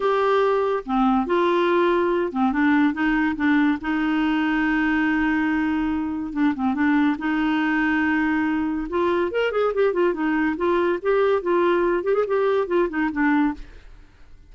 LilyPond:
\new Staff \with { instrumentName = "clarinet" } { \time 4/4 \tempo 4 = 142 g'2 c'4 f'4~ | f'4. c'8 d'4 dis'4 | d'4 dis'2.~ | dis'2. d'8 c'8 |
d'4 dis'2.~ | dis'4 f'4 ais'8 gis'8 g'8 f'8 | dis'4 f'4 g'4 f'4~ | f'8 g'16 gis'16 g'4 f'8 dis'8 d'4 | }